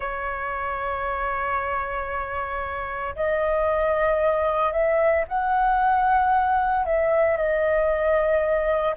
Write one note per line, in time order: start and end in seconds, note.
0.00 3.15 C#5
3.15 4.72 D#5
4.72 5.24 E5
5.28 6.85 F#5
6.85 7.36 E5
7.36 8.94 D#5